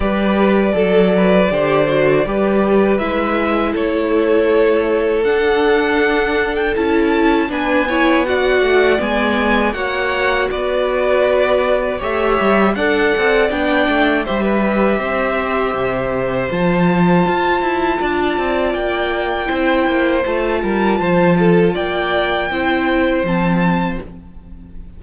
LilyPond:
<<
  \new Staff \with { instrumentName = "violin" } { \time 4/4 \tempo 4 = 80 d''1 | e''4 cis''2 fis''4~ | fis''8. g''16 a''4 gis''4 fis''4 | gis''4 fis''4 d''2 |
e''4 fis''4 g''4 e''4~ | e''2 a''2~ | a''4 g''2 a''4~ | a''4 g''2 a''4 | }
  \new Staff \with { instrumentName = "violin" } { \time 4/4 b'4 a'8 b'8 c''4 b'4~ | b'4 a'2.~ | a'2 b'8 cis''8 d''4~ | d''4 cis''4 b'2 |
cis''4 d''2 c''16 b'8. | c''1 | d''2 c''4. ais'8 | c''8 a'8 d''4 c''2 | }
  \new Staff \with { instrumentName = "viola" } { \time 4/4 g'4 a'4 g'8 fis'8 g'4 | e'2. d'4~ | d'4 e'4 d'8 e'8 fis'4 | b4 fis'2. |
g'4 a'4 d'4 g'4~ | g'2 f'2~ | f'2 e'4 f'4~ | f'2 e'4 c'4 | }
  \new Staff \with { instrumentName = "cello" } { \time 4/4 g4 fis4 d4 g4 | gis4 a2 d'4~ | d'4 cis'4 b4. a8 | gis4 ais4 b2 |
a8 g8 d'8 c'8 b8 a8 g4 | c'4 c4 f4 f'8 e'8 | d'8 c'8 ais4 c'8 ais8 a8 g8 | f4 ais4 c'4 f4 | }
>>